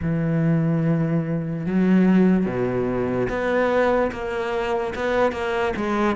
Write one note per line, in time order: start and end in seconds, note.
0.02 1.66 E3
1.66 2.45 F#3
2.45 3.28 B2
3.29 4.11 B3
4.11 4.94 A#3
4.95 5.32 B3
5.32 5.73 A#3
5.76 6.15 G#3